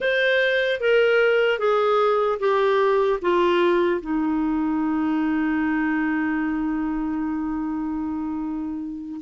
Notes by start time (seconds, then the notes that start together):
0.00 C5
0.80 A#4
1.59 G#4
2.39 G4
3.21 F4
4.00 D#4